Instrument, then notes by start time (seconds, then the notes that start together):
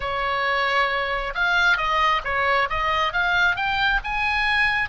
oboe
0.00 C#5
1.34 F5
1.77 D#5
2.24 C#5
2.69 D#5
3.12 F5
3.56 G5
4.04 G#5